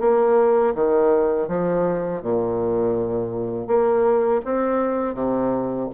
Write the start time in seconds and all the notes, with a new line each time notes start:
0.00 A#3
0.75 D#3
1.48 F3
2.22 A#2
3.67 A#3
4.45 C4
5.14 C3